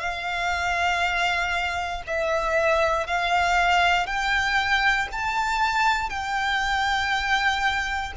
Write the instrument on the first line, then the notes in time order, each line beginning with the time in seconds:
violin
0.00 F5
2.07 E5
3.07 F5
4.07 G5
5.12 A5
6.10 G5